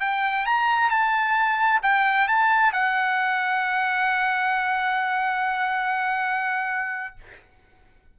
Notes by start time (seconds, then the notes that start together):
0.00 G5
0.45 A#5
0.90 A5
1.82 G5
2.28 A5
2.72 F#5